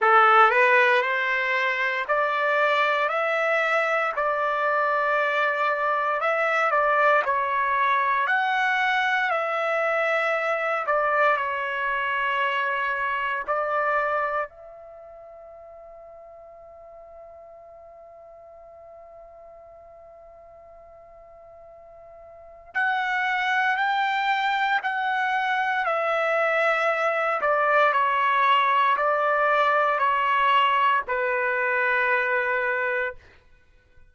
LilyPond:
\new Staff \with { instrumentName = "trumpet" } { \time 4/4 \tempo 4 = 58 a'8 b'8 c''4 d''4 e''4 | d''2 e''8 d''8 cis''4 | fis''4 e''4. d''8 cis''4~ | cis''4 d''4 e''2~ |
e''1~ | e''2 fis''4 g''4 | fis''4 e''4. d''8 cis''4 | d''4 cis''4 b'2 | }